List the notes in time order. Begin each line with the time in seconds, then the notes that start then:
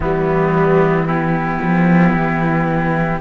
0.00 E3 G3 B3 E4
1.06 B3 E4 G4
1.62 F3
2.13 E3